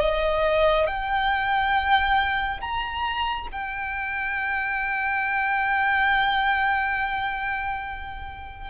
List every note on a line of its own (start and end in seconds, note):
0.00 0.87 D#5
0.87 2.60 G5
2.61 3.48 A#5
3.52 8.70 G5